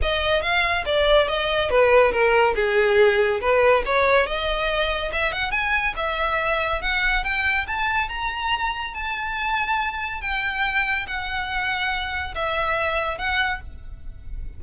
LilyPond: \new Staff \with { instrumentName = "violin" } { \time 4/4 \tempo 4 = 141 dis''4 f''4 d''4 dis''4 | b'4 ais'4 gis'2 | b'4 cis''4 dis''2 | e''8 fis''8 gis''4 e''2 |
fis''4 g''4 a''4 ais''4~ | ais''4 a''2. | g''2 fis''2~ | fis''4 e''2 fis''4 | }